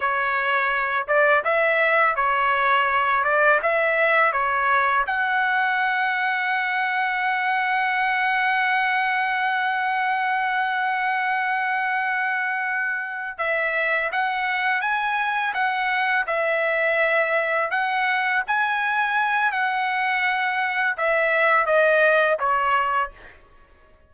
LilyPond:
\new Staff \with { instrumentName = "trumpet" } { \time 4/4 \tempo 4 = 83 cis''4. d''8 e''4 cis''4~ | cis''8 d''8 e''4 cis''4 fis''4~ | fis''1~ | fis''1~ |
fis''2~ fis''8 e''4 fis''8~ | fis''8 gis''4 fis''4 e''4.~ | e''8 fis''4 gis''4. fis''4~ | fis''4 e''4 dis''4 cis''4 | }